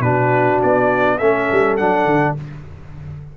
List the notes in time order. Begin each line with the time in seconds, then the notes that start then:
0.00 B2 D4 F#4 B4
0.62 B3 D5
1.18 A3 C#4 A4 E5
1.52 G3
1.77 F#3 D4 F#5
2.05 D3